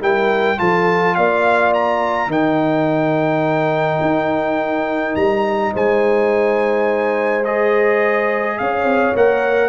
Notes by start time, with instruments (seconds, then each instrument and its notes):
0.00 tuba G3, trombone E4, horn A#4, trumpet G5
0.57 tuba F3, trombone F4, horn A4, trumpet A5
1.15 tuba A#3, horn D5, trumpet F5
1.74 trumpet A#5
2.27 tuba D#3, trombone D#4, horn A#4, trumpet G5
4.01 tuba D#4
5.15 tuba G3, trumpet A#5
5.73 tuba G#3, horn C5, trumpet G#5
7.44 trombone G#4, trumpet D#5
8.58 tuba C#4, horn C#5, trumpet F5
8.84 tuba C4
9.15 tuba A#3, trombone A#4, trumpet F#5